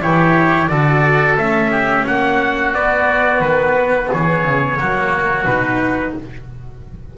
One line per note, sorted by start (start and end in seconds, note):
0.00 0.68 E3
0.00 0.68 E4
0.00 0.70 G4
0.00 0.68 C#5
0.68 1.36 D3
0.68 1.37 F#4
0.68 1.71 A4
0.68 1.36 D5
1.37 2.05 A3
1.37 2.74 C#4
1.37 2.06 E5
1.71 2.05 G4
2.07 2.74 A#3
2.07 4.10 F#4
2.07 2.74 F#5
2.74 3.40 B3
2.74 4.78 B3
2.74 3.41 D5
3.40 4.08 D#3
3.40 4.09 B4
4.10 4.44 E3
4.10 4.79 G#4
4.10 5.46 C#5
4.44 4.78 C#3
4.78 5.45 F#3
4.78 5.46 A#3
4.78 6.15 F#4
5.45 6.13 B2
5.45 6.17 D#4
5.45 6.14 B4